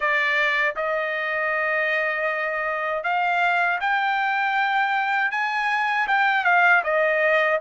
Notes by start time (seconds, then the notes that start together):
0.00 D5
0.76 D#5
3.03 F5
3.80 G5
5.31 G#5
6.07 G5
6.44 F5
6.83 D#5